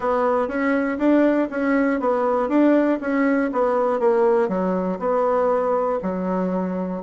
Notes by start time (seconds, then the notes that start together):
0.00 B3
0.47 C#4
0.98 D4
1.50 C#4
2.00 B3
2.49 D4
3.00 C#4
3.52 B3
3.99 A#3
4.48 F#3
4.99 B3
6.02 F#3